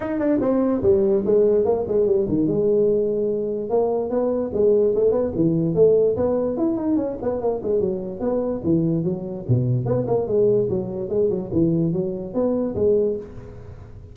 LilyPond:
\new Staff \with { instrumentName = "tuba" } { \time 4/4 \tempo 4 = 146 dis'8 d'8 c'4 g4 gis4 | ais8 gis8 g8 dis8 gis2~ | gis4 ais4 b4 gis4 | a8 b8 e4 a4 b4 |
e'8 dis'8 cis'8 b8 ais8 gis8 fis4 | b4 e4 fis4 b,4 | b8 ais8 gis4 fis4 gis8 fis8 | e4 fis4 b4 gis4 | }